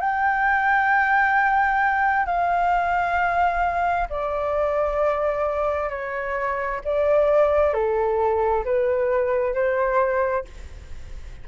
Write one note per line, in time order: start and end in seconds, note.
0.00 2.26 G5
2.26 4.08 F5
4.10 5.90 D5
5.90 6.81 C#5
6.84 7.74 D5
7.74 8.64 A4
8.65 9.54 B4
9.54 10.45 C5